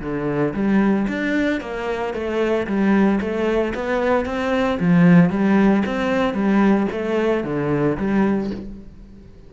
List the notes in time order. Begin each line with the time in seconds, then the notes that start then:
0.00 D3
0.54 G3
1.08 D4
1.60 A#3
2.13 A3
2.67 G3
3.20 A3
3.74 B3
4.25 C4
4.79 F3
5.30 G3
5.86 C4
6.34 G3
6.92 A3
7.44 D3
7.97 G3